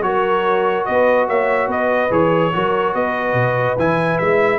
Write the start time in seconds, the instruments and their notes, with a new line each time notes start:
0.00 tuba F#3, trombone F#4, horn A#4, trumpet C#5
0.85 tuba B3, horn B4, trumpet D#5
1.28 tuba A#3, horn C#5, trumpet E5
1.67 tuba B3, horn B4, trumpet D#5
2.10 tuba E3, trombone G#4, trumpet C#5
2.52 tuba F#3, trombone F#4, horn A#4
2.94 tuba B3, horn B4, trumpet D#5
3.33 tuba B2
3.77 tuba E3, trombone E4, trumpet G#5
4.18 tuba G#3, trumpet E5